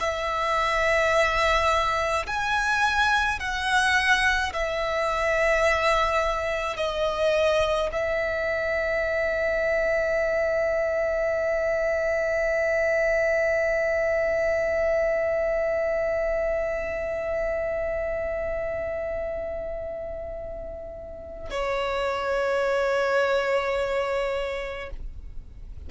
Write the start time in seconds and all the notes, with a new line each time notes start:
0.00 E5
2.26 G#5
3.40 F#5
4.53 E5
6.77 D#5
7.92 E5
21.50 C#5